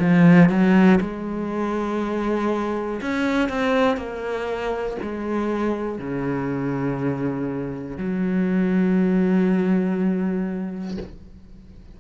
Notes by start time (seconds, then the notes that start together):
0.00 F3
0.50 F#3
1.00 G#3
3.02 C#4
3.50 C4
3.97 A#3
5.02 G#3
5.99 C#3
7.98 F#3